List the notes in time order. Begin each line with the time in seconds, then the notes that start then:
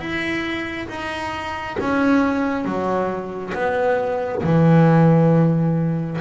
0.00 E4
0.89 D#4
1.80 C#4
2.65 F#3
3.54 B3
4.44 E3